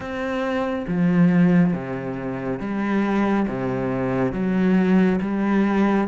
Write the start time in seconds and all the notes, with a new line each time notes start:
0.00 C4
0.87 F3
1.73 C3
2.59 G3
3.47 C3
4.32 F#3
5.21 G3